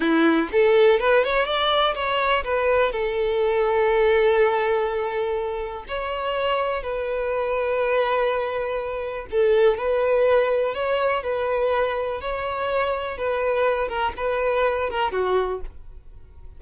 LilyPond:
\new Staff \with { instrumentName = "violin" } { \time 4/4 \tempo 4 = 123 e'4 a'4 b'8 cis''8 d''4 | cis''4 b'4 a'2~ | a'1 | cis''2 b'2~ |
b'2. a'4 | b'2 cis''4 b'4~ | b'4 cis''2 b'4~ | b'8 ais'8 b'4. ais'8 fis'4 | }